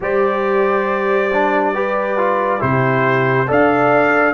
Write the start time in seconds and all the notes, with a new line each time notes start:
0.00 G3 G4 C5 D5
1.33 D4
1.74 G4 B4
2.17 F4
2.59 C3 E4 G4 C5
3.47 D4 A4 D5 F5